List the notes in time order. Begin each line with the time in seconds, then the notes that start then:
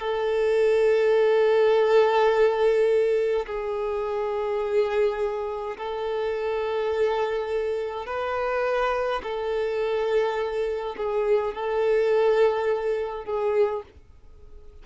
0.00 A4
3.47 G#4
5.78 A4
8.07 B4
9.23 A4
10.97 G#4
11.54 A4
13.25 G#4